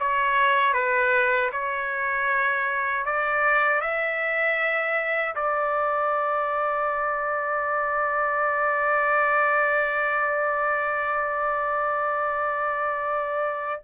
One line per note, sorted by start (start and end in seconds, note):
0.00 0.74 C#5
0.74 1.51 B4
1.53 3.06 C#5
3.06 3.81 D5
3.81 5.35 E5
5.36 13.82 D5